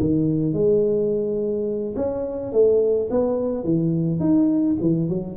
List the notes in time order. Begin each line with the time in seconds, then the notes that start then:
0.00 D#3
0.54 G#3
1.96 C#4
2.52 A3
3.11 B3
3.64 E3
4.19 D#4
4.81 E3
5.09 F#3